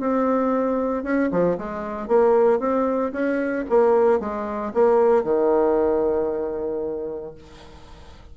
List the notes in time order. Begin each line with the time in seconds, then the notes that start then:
0.00 C4
1.04 C#4
1.32 F3
1.58 G#3
2.08 A#3
2.60 C4
3.12 C#4
3.70 A#3
4.20 G#3
4.74 A#3
5.24 D#3